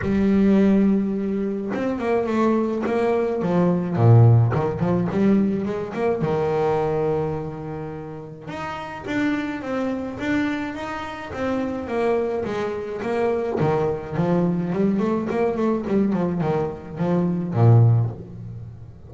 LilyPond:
\new Staff \with { instrumentName = "double bass" } { \time 4/4 \tempo 4 = 106 g2. c'8 ais8 | a4 ais4 f4 ais,4 | dis8 f8 g4 gis8 ais8 dis4~ | dis2. dis'4 |
d'4 c'4 d'4 dis'4 | c'4 ais4 gis4 ais4 | dis4 f4 g8 a8 ais8 a8 | g8 f8 dis4 f4 ais,4 | }